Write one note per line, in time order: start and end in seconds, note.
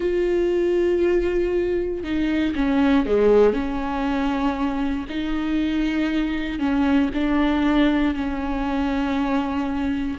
0.00 2.03 F4
2.03 2.54 D#4
2.55 3.06 C#4
3.06 3.53 G#3
3.53 5.05 C#4
5.09 6.59 D#4
6.59 7.10 C#4
7.13 8.14 D4
8.14 10.17 C#4